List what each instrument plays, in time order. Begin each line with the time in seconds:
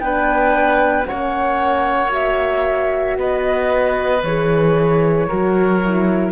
0.00 cello B3, horn D4, oboe B4, flute G5
1.06 horn C#4, oboe C#5, flute F#5
1.12 cello A#3
2.09 horn F#4, flute E5
3.18 cello B3, oboe B4, flute D#5
4.23 cello E3, horn G#4, flute C#5
5.28 cello F#3, horn F#4, oboe A#4
5.84 horn E4